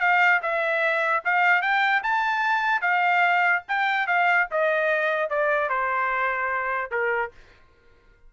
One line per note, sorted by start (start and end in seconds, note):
0.00 0.41 F5
0.42 1.23 E5
1.24 1.61 F5
1.61 2.02 G5
2.03 2.81 A5
2.81 3.62 F5
3.68 4.07 G5
4.07 4.47 F5
4.51 5.29 D#5
5.29 5.69 D5
5.69 6.90 C5
6.90 7.31 A#4